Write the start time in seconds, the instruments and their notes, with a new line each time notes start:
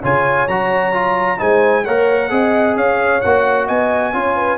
0.00 tuba C#3, trombone F4, horn C#5, trumpet G#5
0.47 tuba F#3, trombone F#4, trumpet A#5
0.92 trombone F4
1.37 tuba G#3, trombone D#4, horn C5, trumpet G#5
1.84 tuba A#3, trombone A#4, horn C#5, trumpet F#5
2.29 tuba C4, trombone G#4, horn D#5
2.75 tuba C#4, horn C#5, trumpet F5
3.21 tuba A#3, trombone F#4, trumpet F#5
3.66 tuba B3, horn D#5, trumpet G#5
4.13 tuba C#4, trombone F4, horn C#5
4.36 horn B4